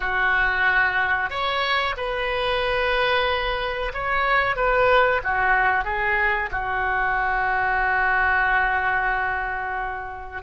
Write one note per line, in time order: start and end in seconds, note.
0.00 1.30 F#4
1.30 1.95 C#5
1.97 3.92 B4
3.93 4.56 C#5
4.56 5.21 B4
5.23 5.84 F#4
5.84 6.49 G#4
6.51 10.42 F#4